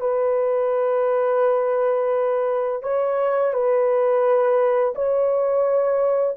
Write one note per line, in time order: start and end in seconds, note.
0.00 2.82 B4
2.83 3.53 C#5
3.53 4.94 B4
4.95 6.36 C#5